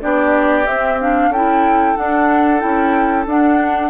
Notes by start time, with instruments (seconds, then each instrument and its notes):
0.00 bassoon B3, clarinet D4, oboe G4, flute D5
0.66 clarinet C4, bassoon C4, flute E5
1.00 clarinet D4, flute F5
1.29 bassoon C#4, clarinet E4, oboe A4, flute G5
1.96 clarinet D4, bassoon D4, flute F#5
2.59 bassoon C#4, clarinet E4, flute G5
3.26 bassoon D4, clarinet D4, flute F#5